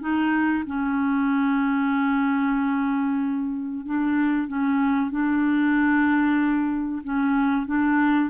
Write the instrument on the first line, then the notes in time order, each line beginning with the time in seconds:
clarinet
0.00 D#4
0.66 C#4
3.85 D4
4.47 C#4
5.10 D4
7.04 C#4
7.66 D4